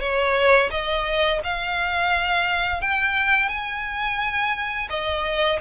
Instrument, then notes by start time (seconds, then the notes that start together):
violin
0.00 C#5
0.70 D#5
1.44 F5
2.81 G5
3.49 G#5
4.90 D#5